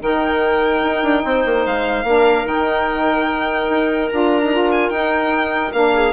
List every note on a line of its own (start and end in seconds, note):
0.00 0.82 D#3
0.00 2.04 D#4
0.00 1.25 A#4
0.00 1.66 G5
0.82 1.03 D#4
1.03 1.23 D4
1.25 1.45 C4
1.25 2.06 C5
1.45 1.66 A#3
1.66 2.04 G#3
1.66 2.47 F5
2.04 2.45 A#3
2.04 2.46 D4
2.04 5.94 A#4
2.45 3.68 D#3
2.45 4.09 D#4
2.45 4.09 G5
3.70 4.11 D#4
4.09 4.90 D4
4.09 4.42 F4
4.09 4.70 A#5
4.43 4.53 D#4
4.53 4.93 F4
4.72 4.90 G#5
4.90 5.72 D#4
4.90 5.74 D#4
4.90 5.71 G5
5.73 6.13 A#3
5.73 6.13 D4
5.73 6.13 F5
5.94 6.13 G#4